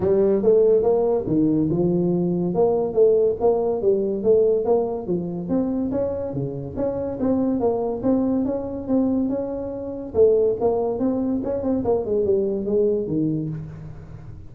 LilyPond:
\new Staff \with { instrumentName = "tuba" } { \time 4/4 \tempo 4 = 142 g4 a4 ais4 dis4 | f2 ais4 a4 | ais4 g4 a4 ais4 | f4 c'4 cis'4 cis4 |
cis'4 c'4 ais4 c'4 | cis'4 c'4 cis'2 | a4 ais4 c'4 cis'8 c'8 | ais8 gis8 g4 gis4 dis4 | }